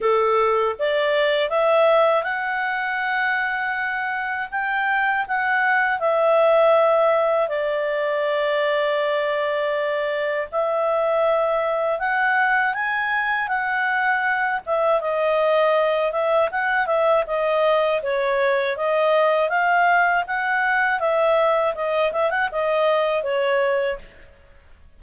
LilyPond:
\new Staff \with { instrumentName = "clarinet" } { \time 4/4 \tempo 4 = 80 a'4 d''4 e''4 fis''4~ | fis''2 g''4 fis''4 | e''2 d''2~ | d''2 e''2 |
fis''4 gis''4 fis''4. e''8 | dis''4. e''8 fis''8 e''8 dis''4 | cis''4 dis''4 f''4 fis''4 | e''4 dis''8 e''16 fis''16 dis''4 cis''4 | }